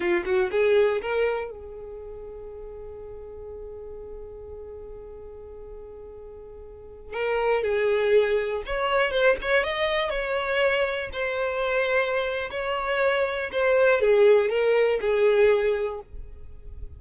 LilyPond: \new Staff \with { instrumentName = "violin" } { \time 4/4 \tempo 4 = 120 f'8 fis'8 gis'4 ais'4 gis'4~ | gis'1~ | gis'1~ | gis'2~ gis'16 ais'4 gis'8.~ |
gis'4~ gis'16 cis''4 c''8 cis''8 dis''8.~ | dis''16 cis''2 c''4.~ c''16~ | c''4 cis''2 c''4 | gis'4 ais'4 gis'2 | }